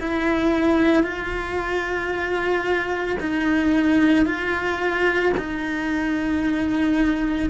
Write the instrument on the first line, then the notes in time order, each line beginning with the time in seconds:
cello
0.00 E4
1.03 F4
3.20 D#4
4.26 F4
5.38 D#4